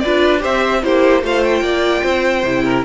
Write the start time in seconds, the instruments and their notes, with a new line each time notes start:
0.00 viola F4, violin B4 D5
0.06 cello D4
0.40 cello C4, viola G4, violin C5 E5
0.83 cello A#3, viola E4, violin G4 C5
1.22 cello A3, viola F4, violin C5 F5
1.44 violin G5
1.61 cello A#3, violin D5
2.03 cello C4, violin C5
2.44 cello C3, viola E4
2.65 violin A#4